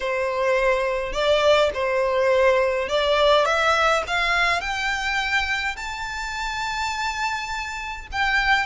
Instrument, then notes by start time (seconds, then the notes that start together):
violin
0.00 C5
1.12 D5
1.74 C5
2.88 D5
3.45 E5
4.07 F5
4.60 G5
5.76 A5
8.11 G5